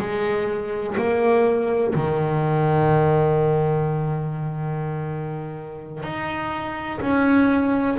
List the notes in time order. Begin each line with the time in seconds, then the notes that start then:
0.00 G#3
0.98 A#3
1.95 D#3
6.03 D#4
7.02 C#4